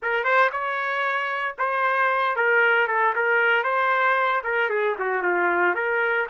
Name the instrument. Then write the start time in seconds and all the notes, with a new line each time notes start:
trumpet
0.02 A#4
0.24 C5
0.51 C#5
1.58 C5
2.35 A#4
2.87 A4
3.15 A#4
3.63 C5
4.43 A#4
4.69 G#4
4.98 F#4
5.22 F4
5.74 A#4